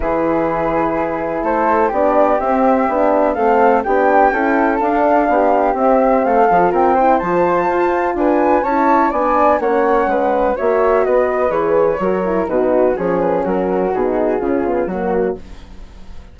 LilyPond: <<
  \new Staff \with { instrumentName = "flute" } { \time 4/4 \tempo 4 = 125 b'2. c''4 | d''4 e''2 f''4 | g''2 f''2 | e''4 f''4 g''4 a''4~ |
a''4 gis''4 a''4 gis''4 | fis''2 e''4 dis''4 | cis''2 b'4 cis''8 b'8 | ais'4 gis'2 fis'4 | }
  \new Staff \with { instrumentName = "flute" } { \time 4/4 gis'2. a'4 | g'2. a'4 | g'4 a'2 g'4~ | g'4 a'4 ais'8 c''4.~ |
c''4 b'4 cis''4 d''4 | cis''4 b'4 cis''4 b'4~ | b'4 ais'4 fis'4 gis'4 | fis'2 f'4 fis'4 | }
  \new Staff \with { instrumentName = "horn" } { \time 4/4 e'1 | d'4 c'4 d'4 c'4 | d'4 e'4 d'2 | c'4. f'4 e'8 f'4~ |
f'2 e'4 d'4 | cis'2 fis'2 | gis'4 fis'8 e'8 dis'4 cis'4~ | cis'4 dis'4 cis'8 b8 ais4 | }
  \new Staff \with { instrumentName = "bassoon" } { \time 4/4 e2. a4 | b4 c'4 b4 a4 | b4 cis'4 d'4 b4 | c'4 a8 f8 c'4 f4 |
f'4 d'4 cis'4 b4 | ais4 gis4 ais4 b4 | e4 fis4 b,4 f4 | fis4 b,4 cis4 fis4 | }
>>